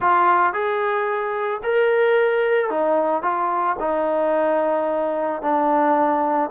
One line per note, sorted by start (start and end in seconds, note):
0.00 0.53 F4
0.53 1.61 G#4
1.63 2.70 A#4
2.70 3.22 D#4
3.22 3.76 F4
3.79 5.42 D#4
5.42 6.50 D4